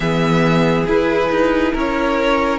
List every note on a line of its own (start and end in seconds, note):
0.00 0.86 E3
0.00 0.87 B3
0.00 1.73 G#4
0.00 0.85 E5
0.86 1.30 E4
0.86 2.59 E4
0.86 1.75 B4
1.30 1.73 D#4
1.73 2.59 C#4
1.73 2.59 A#4
1.73 2.59 C#5